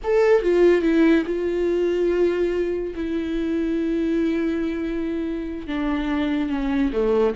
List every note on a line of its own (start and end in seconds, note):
0.03 0.42 A4
0.42 0.81 F4
0.81 1.23 E4
1.26 2.94 F4
2.95 5.67 E4
5.67 6.49 D4
6.49 6.91 C#4
6.92 7.34 A3